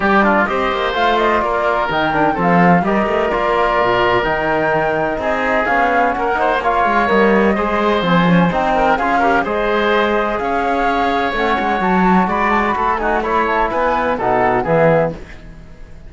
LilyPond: <<
  \new Staff \with { instrumentName = "flute" } { \time 4/4 \tempo 4 = 127 d''4 dis''4 f''8 dis''8 d''4 | g''4 f''4 dis''4 d''4~ | d''4 g''2 dis''4 | f''4 fis''4 f''4 dis''4~ |
dis''4 gis''4 g''4 f''4 | dis''2 f''2 | fis''4 a''4 b''8 a''16 b''8. gis''8 | b''8 a''8 gis''4 fis''4 e''4 | }
  \new Staff \with { instrumentName = "oboe" } { \time 4/4 g'8 f'8 c''2 ais'4~ | ais'4 a'4 ais'2~ | ais'2. gis'4~ | gis'4 ais'8 c''8 cis''2 |
c''2~ c''8 ais'8 gis'8 ais'8 | c''2 cis''2~ | cis''2 d''4 a'8 fis'8 | cis''4 b'4 a'4 gis'4 | }
  \new Staff \with { instrumentName = "trombone" } { \time 4/4 g'8 d'8 g'4 f'2 | dis'8 d'8 c'4 g'4 f'4~ | f'4 dis'2. | cis'4. dis'8 f'4 ais4 |
gis'4 c'8 cis'8 dis'4 f'8 g'8 | gis'1 | cis'4 fis'2~ fis'8 dis'8 | e'2 dis'4 b4 | }
  \new Staff \with { instrumentName = "cello" } { \time 4/4 g4 c'8 ais8 a4 ais4 | dis4 f4 g8 a8 ais4 | ais,4 dis2 c'4 | b4 ais4. gis8 g4 |
gis4 f4 c'4 cis'4 | gis2 cis'2 | a8 gis8 fis4 gis4 a4~ | a4 b4 b,4 e4 | }
>>